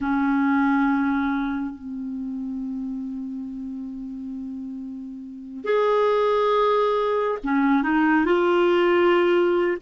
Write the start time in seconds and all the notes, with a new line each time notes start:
0.00 C#4
1.74 C4
5.64 G#4
7.43 C#4
7.82 D#4
8.25 F4